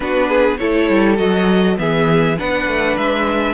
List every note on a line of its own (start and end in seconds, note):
0.00 0.59 B3
0.00 0.58 D4
0.00 0.28 F#4
0.00 0.57 B4
0.28 0.58 G#4
0.57 0.89 A3
0.57 1.16 E4
0.57 1.78 A4
0.57 1.16 C#5
0.89 1.18 G3
1.16 1.77 F#3
1.16 1.76 F#4
1.16 1.77 D#5
1.76 2.38 E3
1.76 2.35 B3
1.76 2.38 G#4
1.76 2.38 E5
2.38 2.67 B3
2.38 3.54 D4
2.38 3.54 B4
2.38 2.97 F#5
2.67 2.97 A3
2.97 3.54 G#3
2.97 3.54 E5